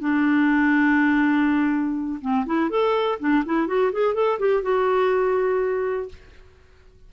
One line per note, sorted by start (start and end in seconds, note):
0.00 2.20 D4
2.21 2.45 C4
2.46 2.70 E4
2.70 3.19 A4
3.20 3.44 D4
3.45 3.67 E4
3.67 3.92 F#4
3.92 4.14 G#4
4.14 4.39 A4
4.39 4.63 G4
4.63 6.09 F#4